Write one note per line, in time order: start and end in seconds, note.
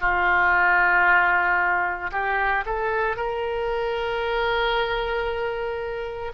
0.00 2.11 F4
2.11 2.64 G4
2.66 3.16 A4
3.16 6.32 A#4